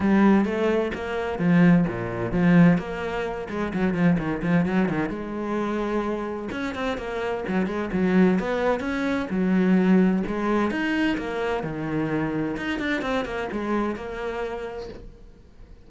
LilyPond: \new Staff \with { instrumentName = "cello" } { \time 4/4 \tempo 4 = 129 g4 a4 ais4 f4 | ais,4 f4 ais4. gis8 | fis8 f8 dis8 f8 fis8 dis8 gis4~ | gis2 cis'8 c'8 ais4 |
fis8 gis8 fis4 b4 cis'4 | fis2 gis4 dis'4 | ais4 dis2 dis'8 d'8 | c'8 ais8 gis4 ais2 | }